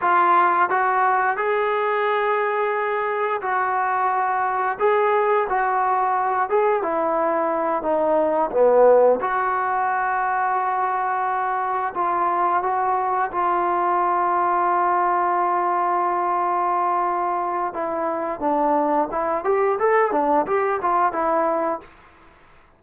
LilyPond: \new Staff \with { instrumentName = "trombone" } { \time 4/4 \tempo 4 = 88 f'4 fis'4 gis'2~ | gis'4 fis'2 gis'4 | fis'4. gis'8 e'4. dis'8~ | dis'8 b4 fis'2~ fis'8~ |
fis'4. f'4 fis'4 f'8~ | f'1~ | f'2 e'4 d'4 | e'8 g'8 a'8 d'8 g'8 f'8 e'4 | }